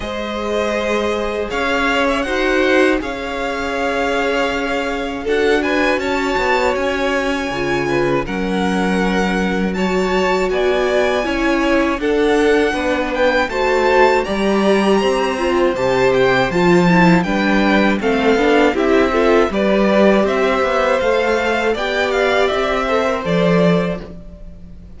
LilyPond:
<<
  \new Staff \with { instrumentName = "violin" } { \time 4/4 \tempo 4 = 80 dis''2 f''8. e''16 fis''4 | f''2. fis''8 gis''8 | a''4 gis''2 fis''4~ | fis''4 a''4 gis''2 |
fis''4. g''8 a''4 ais''4~ | ais''4 a''8 g''8 a''4 g''4 | f''4 e''4 d''4 e''4 | f''4 g''8 f''8 e''4 d''4 | }
  \new Staff \with { instrumentName = "violin" } { \time 4/4 c''2 cis''4 c''4 | cis''2. a'8 b'8 | cis''2~ cis''8 b'8 ais'4~ | ais'4 cis''4 d''4 cis''4 |
a'4 b'4 c''4 d''4 | c''2. b'4 | a'4 g'8 a'8 b'4 c''4~ | c''4 d''4. c''4. | }
  \new Staff \with { instrumentName = "viola" } { \time 4/4 gis'2. fis'4 | gis'2. fis'4~ | fis'2 f'4 cis'4~ | cis'4 fis'2 e'4 |
d'2 fis'4 g'4~ | g'8 f'8 g'4 f'8 e'8 d'4 | c'8 d'8 e'8 f'8 g'2 | a'4 g'4. a'16 ais'16 a'4 | }
  \new Staff \with { instrumentName = "cello" } { \time 4/4 gis2 cis'4 dis'4 | cis'2. d'4 | cis'8 b8 cis'4 cis4 fis4~ | fis2 b4 cis'4 |
d'4 b4 a4 g4 | c'4 c4 f4 g4 | a8 b8 c'4 g4 c'8 b8 | a4 b4 c'4 f4 | }
>>